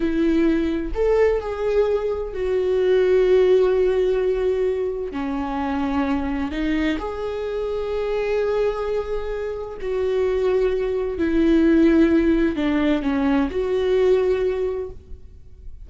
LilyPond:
\new Staff \with { instrumentName = "viola" } { \time 4/4 \tempo 4 = 129 e'2 a'4 gis'4~ | gis'4 fis'2.~ | fis'2. cis'4~ | cis'2 dis'4 gis'4~ |
gis'1~ | gis'4 fis'2. | e'2. d'4 | cis'4 fis'2. | }